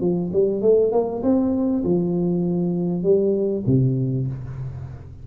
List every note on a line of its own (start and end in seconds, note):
0.00 0.30 F3
0.33 0.61 G3
0.61 0.91 A3
0.91 1.22 A#3
1.22 1.83 C4
1.83 3.02 F3
3.02 3.63 G3
3.66 4.27 C3